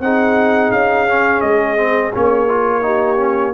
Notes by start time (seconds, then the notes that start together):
0.00 C4 D#4 G#4 F#5
0.71 C#4 F5
1.08 C#4
1.41 G#3 D#5
1.77 C4
2.14 A#3 C#4 C#5
2.48 F4
2.82 D#4 G4
3.17 C#4